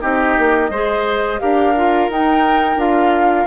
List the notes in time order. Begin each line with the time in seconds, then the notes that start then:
0.00 C4 D#4 G4 D#5
0.38 A#3
0.70 G#3 G#4 C5
1.39 D4 G4 A#4 F5
1.76 F4
2.09 D#4 G5
2.76 D4 F4 F5